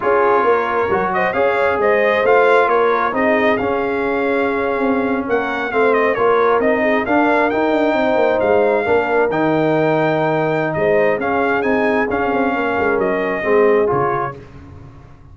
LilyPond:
<<
  \new Staff \with { instrumentName = "trumpet" } { \time 4/4 \tempo 4 = 134 cis''2~ cis''8 dis''8 f''4 | dis''4 f''4 cis''4 dis''4 | f''2.~ f''8. fis''16~ | fis''8. f''8 dis''8 cis''4 dis''4 f''16~ |
f''8. g''2 f''4~ f''16~ | f''8. g''2.~ g''16 | dis''4 f''4 gis''4 f''4~ | f''4 dis''2 cis''4 | }
  \new Staff \with { instrumentName = "horn" } { \time 4/4 gis'4 ais'4. c''8 cis''4 | c''2 ais'4 gis'4~ | gis'2.~ gis'8. ais'16~ | ais'8. c''4 ais'4. gis'8 ais'16~ |
ais'4.~ ais'16 c''2 ais'16~ | ais'1 | c''4 gis'2. | ais'2 gis'2 | }
  \new Staff \with { instrumentName = "trombone" } { \time 4/4 f'2 fis'4 gis'4~ | gis'4 f'2 dis'4 | cis'1~ | cis'8. c'4 f'4 dis'4 d'16~ |
d'8. dis'2. d'16~ | d'8. dis'2.~ dis'16~ | dis'4 cis'4 dis'4 cis'4~ | cis'2 c'4 f'4 | }
  \new Staff \with { instrumentName = "tuba" } { \time 4/4 cis'4 ais4 fis4 cis'4 | gis4 a4 ais4 c'4 | cis'2~ cis'8. c'4 ais16~ | ais8. a4 ais4 c'4 d'16~ |
d'8. dis'8 d'8 c'8 ais8 gis4 ais16~ | ais8. dis2.~ dis16 | gis4 cis'4 c'4 cis'8 c'8 | ais8 gis8 fis4 gis4 cis4 | }
>>